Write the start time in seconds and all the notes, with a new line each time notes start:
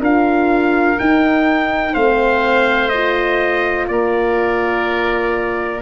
0.00 D4 F4 A#4 F5
0.99 D#4 G5
1.92 A3 C4 C5 F5
2.88 F4 D#5
3.87 A#3 A#4 D5